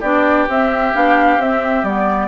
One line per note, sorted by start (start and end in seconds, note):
0.00 0.47 B3
0.00 0.48 D4
0.00 2.27 G4
0.00 0.47 D5
0.48 0.93 C4
0.48 0.95 E5
0.93 1.37 B3
0.93 1.39 D4
0.93 1.41 F5
1.37 1.83 C4
1.37 1.85 C4
1.37 1.84 E5
1.83 2.27 G3
1.83 2.27 B3
1.83 2.27 D5